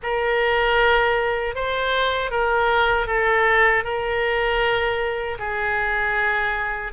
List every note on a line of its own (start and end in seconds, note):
0.02 1.55 A#4
1.55 2.30 C5
2.30 3.07 A#4
3.07 3.84 A4
3.84 5.37 A#4
5.38 6.92 G#4